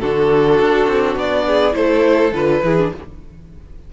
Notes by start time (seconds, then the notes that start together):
0.00 D3 D4 F#4 A4
0.60 D4
0.87 C4
1.16 B3 D5
1.46 G#4
1.72 A3 E4 A4 C5
2.32 D3 F4 B4
2.62 E3 E4 G#4
2.78 D4